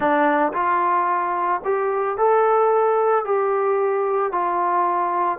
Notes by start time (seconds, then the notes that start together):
0.00 D4
0.53 F4
1.64 G4
2.17 A4
3.24 G4
4.32 F4